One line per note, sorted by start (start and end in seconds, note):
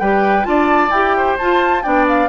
0.00 0.46 G3
0.00 0.43 G4
0.00 0.47 B4
0.00 0.45 G5
0.43 0.91 D4
0.43 0.89 F4
0.43 0.91 A5
0.50 1.17 D5
0.91 1.36 E4
0.91 1.40 G4
0.91 1.37 G5
1.17 1.84 C5
1.38 1.84 F4
1.38 1.85 F4
1.38 1.83 A5
1.83 2.29 B3
1.83 2.29 D4
1.83 2.29 D5
1.83 2.06 G5
2.08 2.29 F5